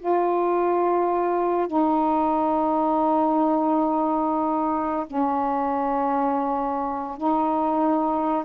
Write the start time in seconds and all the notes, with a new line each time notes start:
0.00 F4
1.68 D#4
5.07 C#4
7.18 D#4